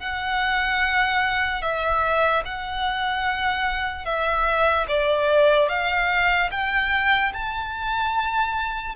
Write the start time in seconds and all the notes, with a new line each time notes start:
0.00 F#5
1.63 E5
2.46 F#5
4.05 E5
4.88 D5
5.69 F5
6.52 G5
7.33 A5